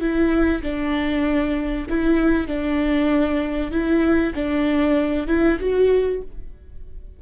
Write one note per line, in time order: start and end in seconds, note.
0.00 0.62 E4
0.62 1.86 D4
1.89 2.47 E4
2.47 3.71 D4
3.71 4.33 E4
4.34 5.27 D4
5.27 5.58 E4
5.59 6.21 F#4